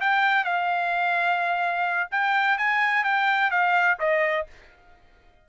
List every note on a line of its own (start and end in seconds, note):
0.00 0.44 G5
0.44 2.09 F5
2.11 2.58 G5
2.58 3.04 G#5
3.04 3.50 G5
3.50 3.98 F5
4.00 4.47 D#5